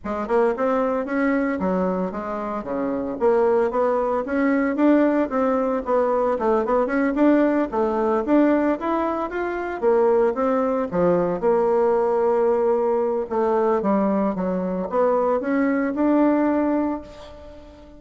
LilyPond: \new Staff \with { instrumentName = "bassoon" } { \time 4/4 \tempo 4 = 113 gis8 ais8 c'4 cis'4 fis4 | gis4 cis4 ais4 b4 | cis'4 d'4 c'4 b4 | a8 b8 cis'8 d'4 a4 d'8~ |
d'8 e'4 f'4 ais4 c'8~ | c'8 f4 ais2~ ais8~ | ais4 a4 g4 fis4 | b4 cis'4 d'2 | }